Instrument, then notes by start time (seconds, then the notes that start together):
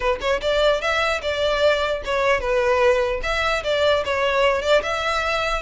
violin
0.00 B4
0.20 C#5
0.41 D5
0.81 E5
1.22 D5
2.04 C#5
2.40 B4
3.22 E5
3.63 D5
4.05 C#5
4.62 D5
4.82 E5